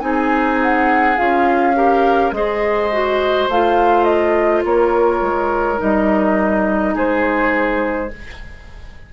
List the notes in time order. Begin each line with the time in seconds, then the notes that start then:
0.00 C4 D#4 G#4 G#5
0.62 F#5
1.16 C#4 F4 F5
1.75 G4 A#4
2.31 G#3 G#4 C5 D#5
2.92 F#4
3.48 A3 F4 F5
4.04 D#5
4.64 A#3 A#4 C#5
5.21 G#3
5.77 G3 D#4 D#5
6.94 G#3 G#4 C5